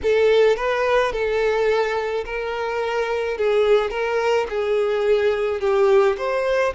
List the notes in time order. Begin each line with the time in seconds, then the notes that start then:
0.02 A4
0.56 B4
1.12 A4
2.25 A#4
3.37 G#4
3.90 A#4
4.49 G#4
5.60 G4
6.17 C5